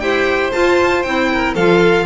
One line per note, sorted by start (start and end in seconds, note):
0.00 0.52 E4
0.00 0.53 G4
0.00 1.31 C5
0.00 0.51 G5
0.52 1.04 F4
0.52 1.05 F4
0.52 1.03 A5
1.03 1.56 C4
1.03 1.57 E4
1.03 1.54 G5
1.33 1.55 A#4
1.55 2.07 F3
1.55 2.07 F4
1.55 2.06 A4
1.55 2.07 F5